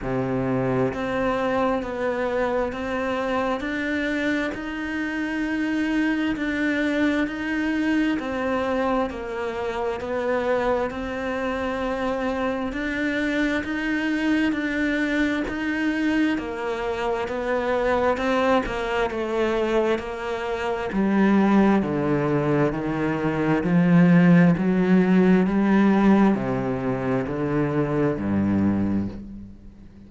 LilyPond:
\new Staff \with { instrumentName = "cello" } { \time 4/4 \tempo 4 = 66 c4 c'4 b4 c'4 | d'4 dis'2 d'4 | dis'4 c'4 ais4 b4 | c'2 d'4 dis'4 |
d'4 dis'4 ais4 b4 | c'8 ais8 a4 ais4 g4 | d4 dis4 f4 fis4 | g4 c4 d4 g,4 | }